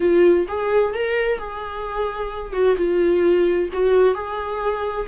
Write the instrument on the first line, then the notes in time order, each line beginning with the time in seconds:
viola
0.00 F4
0.47 G#4
0.93 A#4
1.38 G#4
2.53 F#4
2.76 F4
3.72 F#4
4.14 G#4